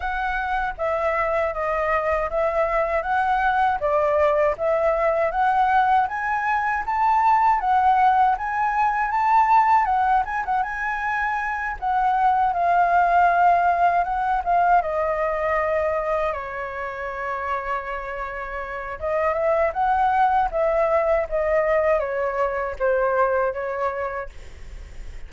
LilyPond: \new Staff \with { instrumentName = "flute" } { \time 4/4 \tempo 4 = 79 fis''4 e''4 dis''4 e''4 | fis''4 d''4 e''4 fis''4 | gis''4 a''4 fis''4 gis''4 | a''4 fis''8 gis''16 fis''16 gis''4. fis''8~ |
fis''8 f''2 fis''8 f''8 dis''8~ | dis''4. cis''2~ cis''8~ | cis''4 dis''8 e''8 fis''4 e''4 | dis''4 cis''4 c''4 cis''4 | }